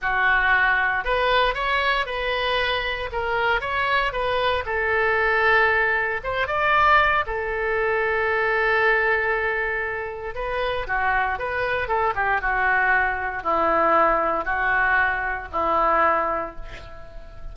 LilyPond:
\new Staff \with { instrumentName = "oboe" } { \time 4/4 \tempo 4 = 116 fis'2 b'4 cis''4 | b'2 ais'4 cis''4 | b'4 a'2. | c''8 d''4. a'2~ |
a'1 | b'4 fis'4 b'4 a'8 g'8 | fis'2 e'2 | fis'2 e'2 | }